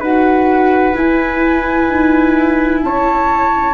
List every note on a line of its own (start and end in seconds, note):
0.00 0.94 D#4
0.00 0.94 F#4
0.00 2.82 B4
0.00 0.96 F#5
0.94 3.74 E4
0.94 1.89 E4
0.94 2.83 G#5
1.89 2.83 D#4
2.83 3.74 C#4
2.83 3.74 C#5
2.83 3.74 A5